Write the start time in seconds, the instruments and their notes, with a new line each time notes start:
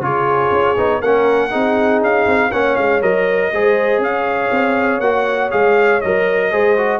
0.00 tuba C#3, trombone F4, horn G#4, trumpet C#5
0.52 tuba C#4
0.77 tuba B3, trombone D#4
1.00 tuba A#3, trombone C#4, horn A#4, trumpet F#5
1.51 tuba C4, trombone D#4, horn G#4
2.01 tuba C#4, trumpet F5
2.27 tuba C4
2.52 tuba A#3, trombone C#4, horn C#5, trumpet F#5
2.76 tuba G#3, trumpet F5
3.01 tuba F#3, trombone A#4, trumpet D#5
3.52 tuba G#3, trombone G#4, horn C5
3.98 tuba C#4, horn C#5, trumpet F5
4.51 tuba C4
5.00 tuba A#3, trombone F#4, trumpet F#5
5.51 tuba G#3, trombone G#4, trumpet F5
6.01 tuba F#3, trombone A#4, trumpet D#5
6.52 tuba G#3, trombone G#4, horn C5
6.77 trombone F#4